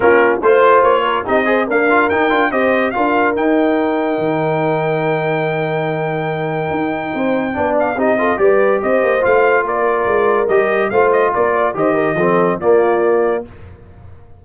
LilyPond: <<
  \new Staff \with { instrumentName = "trumpet" } { \time 4/4 \tempo 4 = 143 ais'4 c''4 cis''4 dis''4 | f''4 g''4 dis''4 f''4 | g''1~ | g''1~ |
g''2~ g''8 f''8 dis''4 | d''4 dis''4 f''4 d''4~ | d''4 dis''4 f''8 dis''8 d''4 | dis''2 d''2 | }
  \new Staff \with { instrumentName = "horn" } { \time 4/4 f'4 c''4. ais'8 g'8 c''8 | ais'2 c''4 ais'4~ | ais'1~ | ais'1~ |
ais'4 c''4 d''4 g'8 a'8 | b'4 c''2 ais'4~ | ais'2 c''4 ais'8 d''8 | c''8 ais'8 a'4 f'2 | }
  \new Staff \with { instrumentName = "trombone" } { \time 4/4 cis'4 f'2 dis'8 gis'8 | ais8 f'8 dis'8 f'8 g'4 f'4 | dis'1~ | dis'1~ |
dis'2 d'4 dis'8 f'8 | g'2 f'2~ | f'4 g'4 f'2 | g'4 c'4 ais2 | }
  \new Staff \with { instrumentName = "tuba" } { \time 4/4 ais4 a4 ais4 c'4 | d'4 dis'8 d'8 c'4 d'4 | dis'2 dis2~ | dis1 |
dis'4 c'4 b4 c'4 | g4 c'8 ais8 a4 ais4 | gis4 g4 a4 ais4 | dis4 f4 ais2 | }
>>